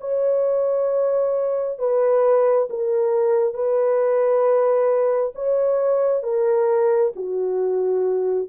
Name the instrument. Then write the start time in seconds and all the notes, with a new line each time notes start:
horn
0.00 C#5
1.78 B4
2.69 A#4
3.53 B4
5.35 C#5
6.23 A#4
7.16 F#4